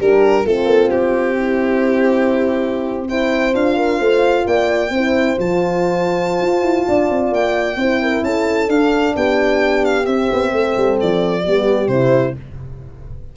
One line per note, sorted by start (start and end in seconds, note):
0.00 0.46 G3
0.00 0.46 D4
0.00 0.45 G4
0.00 0.47 A#4
0.45 0.66 A3
0.45 3.09 C4
0.45 1.36 F4
0.45 0.91 A4
0.66 0.89 A#3
0.91 3.55 C4
0.91 3.08 G4
1.38 3.09 E4
3.09 3.53 E4
3.09 3.77 C5
3.09 3.55 G5
3.53 4.00 D4
3.53 4.90 F4
3.53 4.47 F5
3.77 3.99 A#4
3.99 4.46 A3
3.99 4.45 C5
4.47 4.91 A#3
4.47 4.93 D5
4.47 5.39 G5
4.91 5.36 C4
4.91 5.38 E4
4.91 6.89 C5
5.38 6.41 F3
5.38 7.79 F4
5.38 7.34 A5
6.41 6.63 F4
6.63 6.86 E4
6.88 7.10 D4
6.88 7.78 D5
7.10 7.32 C4
7.32 7.76 A#3
7.32 8.24 G5
7.76 8.22 C4
7.76 8.69 E4
7.76 8.01 C5
8.02 8.25 A#4
8.23 8.69 C#4
8.23 9.16 A4
8.23 8.70 A5
8.69 9.15 D4
8.69 10.06 D4
8.69 9.16 F5
9.16 10.07 B3
9.16 10.53 G4
9.16 9.85 G5
9.85 10.06 F5
10.06 10.30 C4
10.06 11.44 C4
10.06 10.98 E5
10.32 10.53 B3
10.53 10.76 A3
10.53 11.44 A4
10.77 11.00 G3
11.01 11.47 F3
11.01 11.88 D5
11.44 11.88 G3
11.44 11.91 B3
11.44 12.36 G4
11.88 12.34 C3
11.88 12.37 E4
11.88 12.34 C5